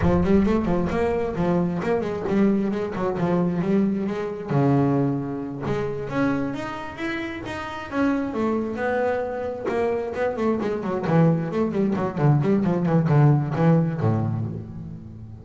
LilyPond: \new Staff \with { instrumentName = "double bass" } { \time 4/4 \tempo 4 = 133 f8 g8 a8 f8 ais4 f4 | ais8 gis8 g4 gis8 fis8 f4 | g4 gis4 cis2~ | cis8 gis4 cis'4 dis'4 e'8~ |
e'8 dis'4 cis'4 a4 b8~ | b4. ais4 b8 a8 gis8 | fis8 e4 a8 g8 fis8 d8 g8 | f8 e8 d4 e4 a,4 | }